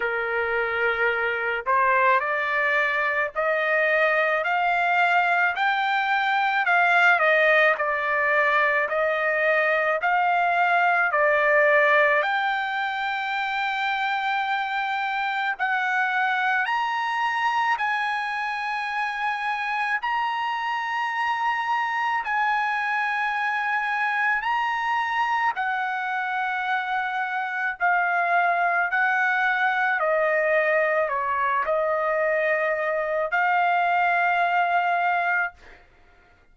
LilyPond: \new Staff \with { instrumentName = "trumpet" } { \time 4/4 \tempo 4 = 54 ais'4. c''8 d''4 dis''4 | f''4 g''4 f''8 dis''8 d''4 | dis''4 f''4 d''4 g''4~ | g''2 fis''4 ais''4 |
gis''2 ais''2 | gis''2 ais''4 fis''4~ | fis''4 f''4 fis''4 dis''4 | cis''8 dis''4. f''2 | }